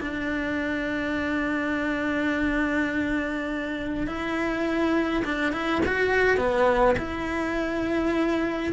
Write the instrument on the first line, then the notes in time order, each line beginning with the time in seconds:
cello
0.00 D4
4.07 E4
5.24 D4
5.52 E4
5.86 F#4
6.37 B3
6.98 E4